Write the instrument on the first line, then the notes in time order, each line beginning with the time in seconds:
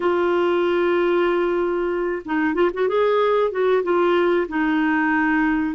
clarinet
0.00 F4
2.25 D#4
2.54 F4
2.73 F#4
2.88 G#4
3.51 F#4
3.83 F4
4.48 D#4